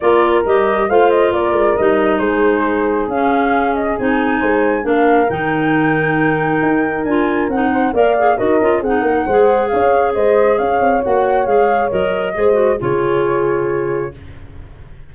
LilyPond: <<
  \new Staff \with { instrumentName = "flute" } { \time 4/4 \tempo 4 = 136 d''4 dis''4 f''8 dis''8 d''4 | dis''4 c''2 f''4~ | f''8 dis''8 gis''2 f''4 | g''1 |
gis''4 fis''4 f''4 dis''4 | fis''2 f''4 dis''4 | f''4 fis''4 f''4 dis''4~ | dis''4 cis''2. | }
  \new Staff \with { instrumentName = "horn" } { \time 4/4 ais'2 c''4 ais'4~ | ais'4 gis'2.~ | gis'2 c''4 ais'4~ | ais'1~ |
ais'4. c''8 d''4 ais'4 | gis'8 ais'8 c''4 cis''4 c''4 | cis''1 | c''4 gis'2. | }
  \new Staff \with { instrumentName = "clarinet" } { \time 4/4 f'4 g'4 f'2 | dis'2. cis'4~ | cis'4 dis'2 d'4 | dis'1 |
f'4 dis'4 ais'8 gis'8 fis'8 f'8 | dis'4 gis'2.~ | gis'4 fis'4 gis'4 ais'4 | gis'8 fis'8 f'2. | }
  \new Staff \with { instrumentName = "tuba" } { \time 4/4 ais4 g4 a4 ais8 gis8 | g4 gis2 cis'4~ | cis'4 c'4 gis4 ais4 | dis2. dis'4 |
d'4 c'4 ais4 dis'8 cis'8 | c'8 ais8 gis4 cis'4 gis4 | cis'8 c'8 ais4 gis4 fis4 | gis4 cis2. | }
>>